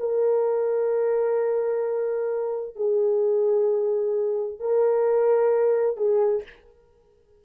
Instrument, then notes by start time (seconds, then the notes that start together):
horn
0.00 A#4
2.76 G#4
4.60 A#4
5.97 G#4